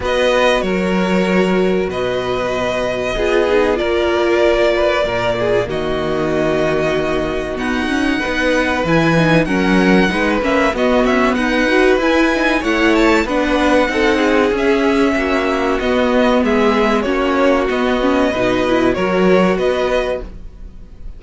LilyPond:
<<
  \new Staff \with { instrumentName = "violin" } { \time 4/4 \tempo 4 = 95 dis''4 cis''2 dis''4~ | dis''2 d''2~ | d''4 dis''2. | fis''2 gis''4 fis''4~ |
fis''8 e''8 dis''8 e''8 fis''4 gis''4 | fis''8 a''8 fis''2 e''4~ | e''4 dis''4 e''4 cis''4 | dis''2 cis''4 dis''4 | }
  \new Staff \with { instrumentName = "violin" } { \time 4/4 b'4 ais'2 b'4~ | b'4 gis'4 ais'4. b'8 | ais'8 gis'8 fis'2.~ | fis'4 b'2 ais'4 |
b'4 fis'4 b'2 | cis''4 b'4 a'8 gis'4. | fis'2 gis'4 fis'4~ | fis'4 b'4 ais'4 b'4 | }
  \new Staff \with { instrumentName = "viola" } { \time 4/4 fis'1~ | fis'4 f'8 dis'8 f'2 | ais1 | b8 cis'8 dis'4 e'8 dis'8 cis'4 |
dis'8 cis'8 b4. fis'8 e'8 dis'8 | e'4 d'4 dis'4 cis'4~ | cis'4 b2 cis'4 | b8 cis'8 dis'8 e'8 fis'2 | }
  \new Staff \with { instrumentName = "cello" } { \time 4/4 b4 fis2 b,4~ | b,4 b4 ais2 | ais,4 dis2. | dis'4 b4 e4 fis4 |
gis8 ais8 b8 cis'8 dis'4 e'4 | a4 b4 c'4 cis'4 | ais4 b4 gis4 ais4 | b4 b,4 fis4 b4 | }
>>